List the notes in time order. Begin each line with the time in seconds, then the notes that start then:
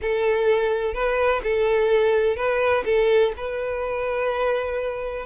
0.01 A4
0.94 B4
1.43 A4
2.36 B4
2.85 A4
3.36 B4